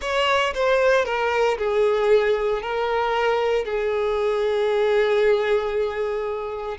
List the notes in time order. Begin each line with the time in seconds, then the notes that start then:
0.01 C#5
0.54 C5
1.05 A#4
1.58 G#4
2.62 A#4
3.64 G#4